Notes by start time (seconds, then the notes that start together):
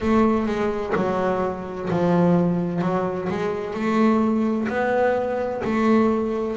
0.00 A3
0.46 G#3
0.95 F#3
1.90 F3
2.81 F#3
3.29 G#3
3.73 A3
4.68 B3
5.64 A3